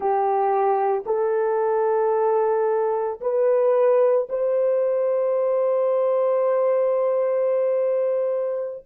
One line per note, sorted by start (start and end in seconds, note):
0.00 1.04 G4
1.06 3.20 A4
3.20 4.28 B4
4.29 8.84 C5